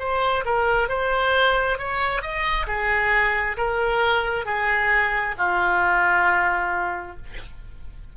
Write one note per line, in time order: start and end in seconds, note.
0.00 0.45 C5
0.46 0.89 A#4
0.89 1.79 C5
1.79 2.22 C#5
2.22 2.67 D#5
2.67 3.57 G#4
3.57 4.46 A#4
4.46 5.35 G#4
5.38 7.17 F4